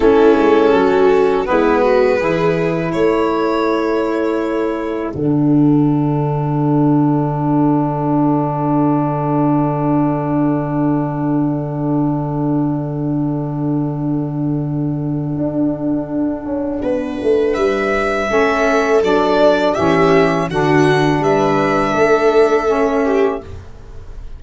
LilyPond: <<
  \new Staff \with { instrumentName = "violin" } { \time 4/4 \tempo 4 = 82 a'2 b'2 | cis''2. fis''4~ | fis''1~ | fis''1~ |
fis''1~ | fis''1 | e''2 d''4 e''4 | fis''4 e''2. | }
  \new Staff \with { instrumentName = "viola" } { \time 4/4 e'4 fis'4 e'8 fis'8 gis'4 | a'1~ | a'1~ | a'1~ |
a'1~ | a'2. b'4~ | b'4 a'2 g'4 | fis'4 b'4 a'4. g'8 | }
  \new Staff \with { instrumentName = "saxophone" } { \time 4/4 cis'2 b4 e'4~ | e'2. d'4~ | d'1~ | d'1~ |
d'1~ | d'1~ | d'4 cis'4 d'4 cis'4 | d'2. cis'4 | }
  \new Staff \with { instrumentName = "tuba" } { \time 4/4 a8 gis8 fis4 gis4 e4 | a2. d4~ | d1~ | d1~ |
d1~ | d4 d'4. cis'8 b8 a8 | g4 a4 fis4 e4 | d4 g4 a2 | }
>>